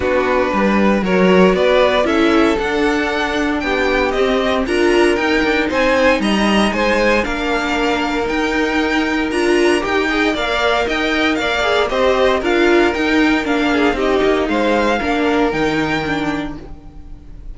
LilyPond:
<<
  \new Staff \with { instrumentName = "violin" } { \time 4/4 \tempo 4 = 116 b'2 cis''4 d''4 | e''4 fis''2 g''4 | dis''4 ais''4 g''4 gis''4 | ais''4 gis''4 f''2 |
g''2 ais''4 g''4 | f''4 g''4 f''4 dis''4 | f''4 g''4 f''4 dis''4 | f''2 g''2 | }
  \new Staff \with { instrumentName = "violin" } { \time 4/4 fis'4 b'4 ais'4 b'4 | a'2. g'4~ | g'4 ais'2 c''4 | dis''4 c''4 ais'2~ |
ais'2.~ ais'8 dis''8 | d''4 dis''4 d''4 c''4 | ais'2~ ais'8 gis'8 g'4 | c''4 ais'2. | }
  \new Staff \with { instrumentName = "viola" } { \time 4/4 d'2 fis'2 | e'4 d'2. | c'4 f'4 dis'2~ | dis'2 d'2 |
dis'2 f'4 g'8 gis'8 | ais'2~ ais'8 gis'8 g'4 | f'4 dis'4 d'4 dis'4~ | dis'4 d'4 dis'4 d'4 | }
  \new Staff \with { instrumentName = "cello" } { \time 4/4 b4 g4 fis4 b4 | cis'4 d'2 b4 | c'4 d'4 dis'8 d'8 c'4 | g4 gis4 ais2 |
dis'2 d'4 dis'4 | ais4 dis'4 ais4 c'4 | d'4 dis'4 ais4 c'8 ais8 | gis4 ais4 dis2 | }
>>